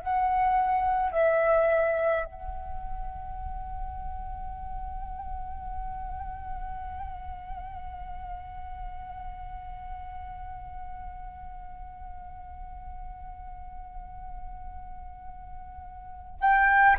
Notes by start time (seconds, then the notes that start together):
0.00 F#5
1.12 E5
2.25 F#5
16.40 G5